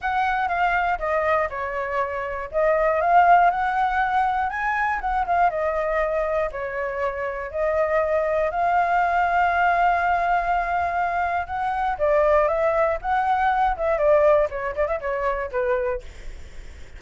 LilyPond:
\new Staff \with { instrumentName = "flute" } { \time 4/4 \tempo 4 = 120 fis''4 f''4 dis''4 cis''4~ | cis''4 dis''4 f''4 fis''4~ | fis''4 gis''4 fis''8 f''8 dis''4~ | dis''4 cis''2 dis''4~ |
dis''4 f''2.~ | f''2. fis''4 | d''4 e''4 fis''4. e''8 | d''4 cis''8 d''16 e''16 cis''4 b'4 | }